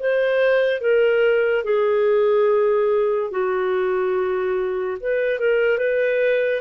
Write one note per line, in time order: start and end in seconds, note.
0.00 0.81 C5
0.81 1.64 A#4
1.64 3.31 G#4
3.31 4.98 F#4
5.01 5.39 B4
5.39 5.78 A#4
5.78 6.61 B4